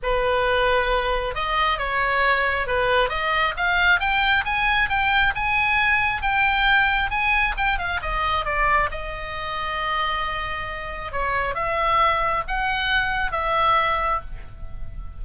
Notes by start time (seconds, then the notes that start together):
0.02 B4
1.34 D#5
1.78 C#5
2.67 B4
3.09 D#5
3.56 F5
3.99 G5
4.44 G#5
4.89 G5
5.35 G#5
6.22 G5
7.10 G#5
7.57 G5
7.78 F5
8.02 D#5
8.45 D5
8.91 D#5
11.12 C#5
11.54 E5
12.47 F#5
13.31 E5